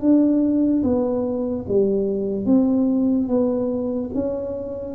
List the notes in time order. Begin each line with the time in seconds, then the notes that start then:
0.00 D4
0.83 B3
1.68 G3
2.45 C4
3.28 B3
4.14 C#4